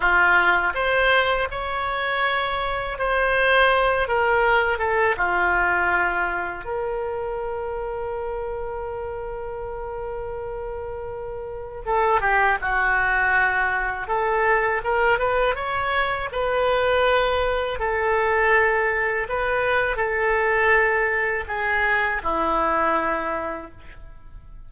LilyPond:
\new Staff \with { instrumentName = "oboe" } { \time 4/4 \tempo 4 = 81 f'4 c''4 cis''2 | c''4. ais'4 a'8 f'4~ | f'4 ais'2.~ | ais'1 |
a'8 g'8 fis'2 a'4 | ais'8 b'8 cis''4 b'2 | a'2 b'4 a'4~ | a'4 gis'4 e'2 | }